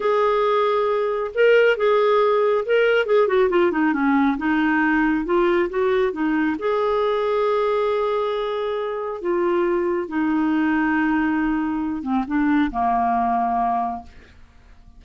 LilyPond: \new Staff \with { instrumentName = "clarinet" } { \time 4/4 \tempo 4 = 137 gis'2. ais'4 | gis'2 ais'4 gis'8 fis'8 | f'8 dis'8 cis'4 dis'2 | f'4 fis'4 dis'4 gis'4~ |
gis'1~ | gis'4 f'2 dis'4~ | dis'2.~ dis'8 c'8 | d'4 ais2. | }